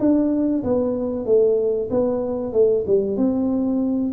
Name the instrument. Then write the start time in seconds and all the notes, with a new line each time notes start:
tuba
0.00 D4
0.64 B3
1.26 A3
1.91 B3
2.53 A3
2.87 G3
3.17 C4